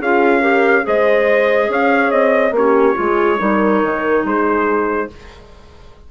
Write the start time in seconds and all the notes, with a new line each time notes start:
0.00 C#4 F4 G#4 F5
0.41 G4 A#4
0.83 G#3 G#4 C5 D#5
1.69 C#4 C#5 F5
2.12 C4 D#5
2.52 A#3 C#4 G4
2.58 C#5
2.95 G#3 F4 G#4
3.39 G3 D#4 A#4
3.83 D#3
4.25 G#3 G#4 C5